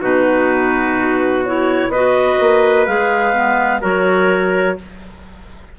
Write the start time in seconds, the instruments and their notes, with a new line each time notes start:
0.00 bassoon B2, clarinet D#4 B4, trumpet F#4
1.44 clarinet E4 C#5
1.87 bassoon B3, trumpet B4, clarinet D#5
1.94 clarinet F#4
2.39 bassoon A#3
2.86 bassoon G#3, clarinet G#4 F5
3.33 clarinet B3
3.81 bassoon F#3, clarinet F#4 C#5, trumpet A#4